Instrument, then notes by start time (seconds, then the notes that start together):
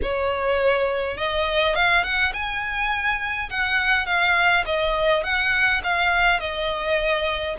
violin
0.02 C#5
1.17 D#5
1.75 F5
2.03 F#5
2.33 G#5
3.50 F#5
4.06 F5
4.65 D#5
5.23 F#5
5.83 F5
6.39 D#5